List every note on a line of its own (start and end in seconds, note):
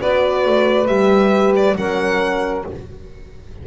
0.00 0.46 B3
0.00 0.87 F#4
0.00 1.76 B4
0.00 0.87 D5
0.46 0.88 A3
0.87 1.76 G3
0.87 1.76 G4
0.87 1.53 E5
1.56 1.77 D5
1.77 2.65 F#3
1.77 2.66 C#4
1.77 2.67 A#4
1.77 2.65 F#5